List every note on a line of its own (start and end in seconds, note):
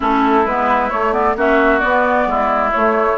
0.00 0.45 A3
0.00 0.45 C#4
0.00 1.34 E4
0.00 0.46 A4
0.45 0.91 G#3
0.45 0.90 B3
0.45 0.89 B4
0.89 1.12 A3
0.89 1.36 A3
0.89 1.12 C#5
1.12 1.35 B3
1.12 1.35 D5
1.36 1.81 A#3
1.36 1.80 C#4
1.36 2.28 F#4
1.36 1.79 E5
1.79 2.71 B3
1.79 2.26 B3
1.79 2.70 D5
2.26 2.71 G#3
2.26 3.17 E4
2.71 3.17 A3
2.71 3.17 C#5